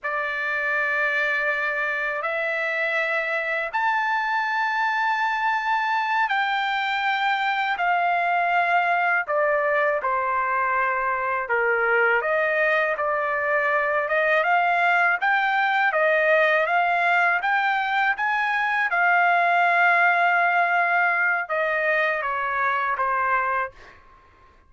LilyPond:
\new Staff \with { instrumentName = "trumpet" } { \time 4/4 \tempo 4 = 81 d''2. e''4~ | e''4 a''2.~ | a''8 g''2 f''4.~ | f''8 d''4 c''2 ais'8~ |
ais'8 dis''4 d''4. dis''8 f''8~ | f''8 g''4 dis''4 f''4 g''8~ | g''8 gis''4 f''2~ f''8~ | f''4 dis''4 cis''4 c''4 | }